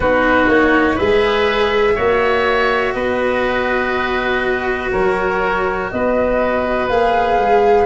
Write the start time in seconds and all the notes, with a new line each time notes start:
0.00 B3 D#4 F#4 B4
0.47 A#3 C#5
0.95 G#3 G#4 B4 E5
1.95 A#3 F#4 C#5
2.93 B3 B4 D#5
4.91 F#3 A#4 C#5
5.90 B3 B4 D#5
6.89 A#3 G#4 F5
7.38 G#3